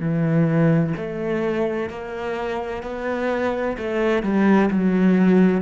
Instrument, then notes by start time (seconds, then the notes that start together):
cello
0.00 E3
0.97 A3
1.90 A#3
2.83 B3
3.78 A3
4.23 G3
4.70 F#3